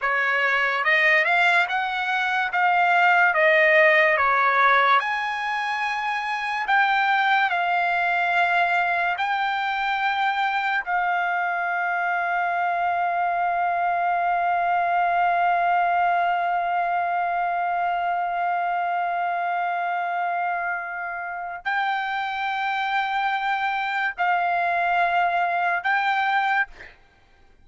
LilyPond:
\new Staff \with { instrumentName = "trumpet" } { \time 4/4 \tempo 4 = 72 cis''4 dis''8 f''8 fis''4 f''4 | dis''4 cis''4 gis''2 | g''4 f''2 g''4~ | g''4 f''2.~ |
f''1~ | f''1~ | f''2 g''2~ | g''4 f''2 g''4 | }